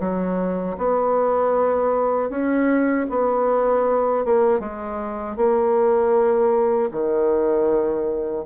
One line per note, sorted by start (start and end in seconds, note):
0.00 0.77 F#3
0.78 2.30 B3
2.30 3.07 C#4
3.10 4.25 B3
4.25 4.60 A#3
4.60 5.37 G#3
5.37 6.91 A#3
6.92 8.45 D#3